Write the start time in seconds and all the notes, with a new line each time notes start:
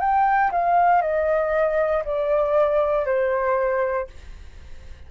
0.00 G5
0.52 F5
1.02 D#5
2.05 D5
3.06 C5